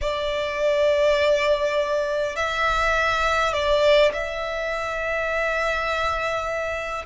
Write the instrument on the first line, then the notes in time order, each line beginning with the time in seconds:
violin
0.01 D5
2.36 E5
3.53 D5
4.13 E5